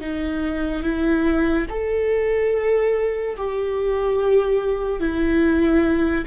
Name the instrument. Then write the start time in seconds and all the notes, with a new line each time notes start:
viola
0.00 D#4
0.83 E4
1.70 A4
3.37 G4
5.00 E4